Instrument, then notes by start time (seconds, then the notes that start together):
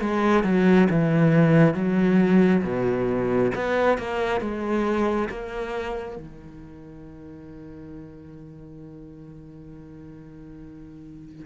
cello
0.00 G#3
0.44 F#3
0.90 E3
1.74 F#3
2.63 B2
3.55 B3
3.98 A#3
4.40 G#3
5.29 A#3
6.16 D#3